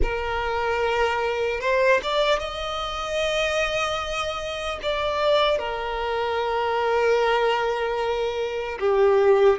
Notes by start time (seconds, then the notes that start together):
0.02 A#4
1.60 C5
2.02 D5
2.39 D#5
4.82 D5
5.58 A#4
8.79 G4